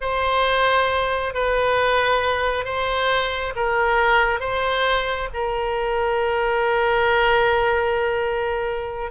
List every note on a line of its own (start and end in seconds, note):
0.01 1.33 C5
1.33 2.64 B4
2.64 3.53 C5
3.55 4.39 A#4
4.39 5.28 C5
5.33 9.11 A#4